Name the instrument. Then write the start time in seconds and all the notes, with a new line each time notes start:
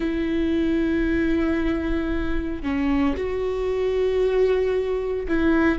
viola
0.00 E4
2.63 C#4
3.16 F#4
5.27 E4